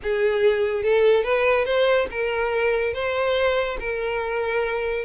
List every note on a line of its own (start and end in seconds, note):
0.02 0.83 G#4
0.83 1.23 A4
1.23 1.65 B4
1.65 2.07 C5
2.11 2.93 A#4
2.93 3.77 C5
3.79 5.04 A#4